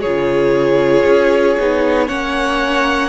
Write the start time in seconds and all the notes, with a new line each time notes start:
0.00 C#3 F4 G#4 C#5
1.04 C#4
1.58 B3 D#4
2.07 A#3 C#4 C#5 F#5